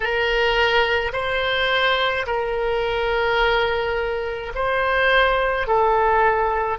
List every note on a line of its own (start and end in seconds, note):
0.00 1.12 A#4
1.13 2.26 C5
2.26 4.52 A#4
4.54 5.67 C5
5.67 6.78 A4